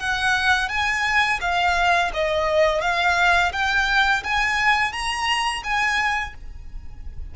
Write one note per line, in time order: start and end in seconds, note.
0.00 0.69 F#5
0.69 1.40 G#5
1.41 2.11 F5
2.14 2.81 D#5
2.81 3.52 F5
3.53 4.23 G5
4.24 4.92 G#5
4.92 5.63 A#5
5.63 6.34 G#5